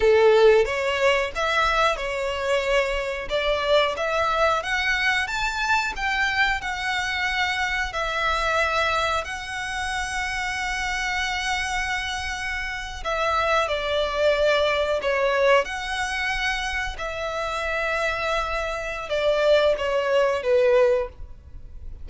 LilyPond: \new Staff \with { instrumentName = "violin" } { \time 4/4 \tempo 4 = 91 a'4 cis''4 e''4 cis''4~ | cis''4 d''4 e''4 fis''4 | a''4 g''4 fis''2 | e''2 fis''2~ |
fis''2.~ fis''8. e''16~ | e''8. d''2 cis''4 fis''16~ | fis''4.~ fis''16 e''2~ e''16~ | e''4 d''4 cis''4 b'4 | }